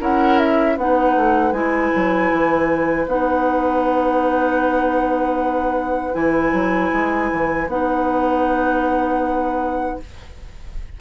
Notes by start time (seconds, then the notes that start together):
0.00 C#4 E4 A#4 F#5
0.38 E5
0.76 B3 D#4 B4 F#5
1.16 A3
1.52 G#3 E4 G#5
1.95 F#3
2.31 E3
3.07 B3 D#4 F#5
6.13 E3 E4 G#5
6.52 F#3
6.92 G#3
7.32 E3
7.67 B3 D#4 F#5